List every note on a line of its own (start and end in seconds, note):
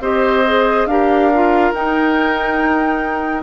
0.00 0.86 C4
0.00 0.45 G4
0.00 0.87 C5
0.00 0.87 D#5
0.46 0.89 G#4
0.86 1.71 D4
0.86 1.33 G4
0.86 3.43 A#4
0.86 1.72 F5
1.34 1.74 F4
1.73 3.43 D#4
1.73 3.43 G5